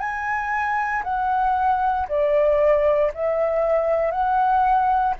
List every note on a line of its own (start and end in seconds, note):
0.00 1.03 G#5
1.04 2.07 F#5
2.09 3.12 D5
3.15 4.11 E5
4.11 5.15 F#5